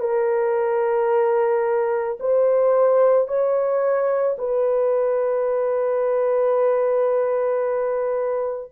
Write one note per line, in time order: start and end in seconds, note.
0.00 2.18 A#4
2.20 3.28 C5
3.28 4.37 C#5
4.38 8.72 B4